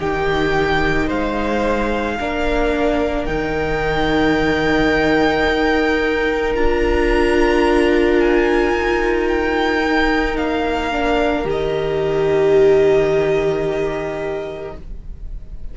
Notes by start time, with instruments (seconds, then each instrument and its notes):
0.00 cello D#3, viola D#4, violin G4 G5
1.07 cello G#3, violin C5 F5
2.20 cello A#3, viola D4, violin A#4
3.25 cello D#3, viola D#4, violin G5
5.48 cello D#4
6.55 cello D4, viola F4, violin A#5
8.20 violin G#5
8.73 cello D#4
9.28 violin G5
9.84 viola D#4
10.37 cello A#3, violin F5
10.92 viola D4
11.45 cello D#3, viola G4, violin D#5